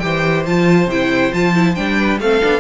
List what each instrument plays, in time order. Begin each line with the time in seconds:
0.00 cello E3, viola G4, violin C5 G5
0.47 cello F3, viola F4, violin A5
0.87 cello C3, viola E4, violin G5
1.33 cello F3, viola F4, violin A5
1.55 viola E4
1.76 cello G3, viola D4, violin G5
1.99 violin B4
2.20 cello A3, viola C4, violin A4 F5
2.42 cello B3, viola D4